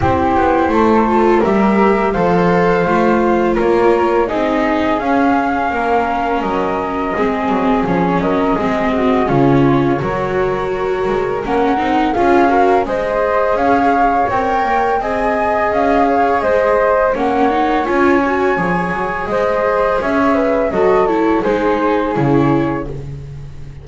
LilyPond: <<
  \new Staff \with { instrumentName = "flute" } { \time 4/4 \tempo 4 = 84 c''2 e''4 f''4~ | f''4 cis''4 dis''4 f''4~ | f''4 dis''2 cis''8 dis''8~ | dis''4 cis''2. |
fis''4 f''4 dis''4 f''4 | g''4 gis''4 f''4 dis''4 | fis''4 gis''2 dis''4 | e''4 dis''8 cis''8 c''4 cis''4 | }
  \new Staff \with { instrumentName = "flute" } { \time 4/4 g'4 a'4 ais'4 c''4~ | c''4 ais'4 gis'2 | ais'2 gis'4. ais'8 | gis'8 fis'8 f'4 ais'2~ |
ais'4 gis'8 ais'8 c''4 cis''4~ | cis''4 dis''4. cis''8 c''4 | cis''2. c''4 | cis''8 b'8 a'4 gis'2 | }
  \new Staff \with { instrumentName = "viola" } { \time 4/4 e'4. f'8 g'4 a'4 | f'2 dis'4 cis'4~ | cis'2 c'4 cis'4 | c'4 cis'4 fis'2 |
cis'8 dis'8 f'8 fis'8 gis'2 | ais'4 gis'2. | cis'8 dis'8 f'8 fis'8 gis'2~ | gis'4 fis'8 e'8 dis'4 e'4 | }
  \new Staff \with { instrumentName = "double bass" } { \time 4/4 c'8 b8 a4 g4 f4 | a4 ais4 c'4 cis'4 | ais4 fis4 gis8 fis8 f8 fis8 | gis4 cis4 fis4. gis8 |
ais8 c'8 cis'4 gis4 cis'4 | c'8 ais8 c'4 cis'4 gis4 | ais4 cis'4 f8 fis8 gis4 | cis'4 fis4 gis4 cis4 | }
>>